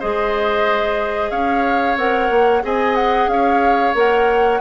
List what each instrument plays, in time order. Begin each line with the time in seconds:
0.00 bassoon G#3, clarinet G#4, oboe C5, flute D#5
1.31 bassoon C#4, oboe C#5, flute F5
1.97 bassoon C4, clarinet A#4, flute F#5
2.30 bassoon A#3
2.63 bassoon C4, clarinet G#4, oboe D#5, flute G#5
2.96 flute F#5
3.27 bassoon C#4, oboe C#5, flute F5
3.95 bassoon A#3, clarinet A#4, flute F#5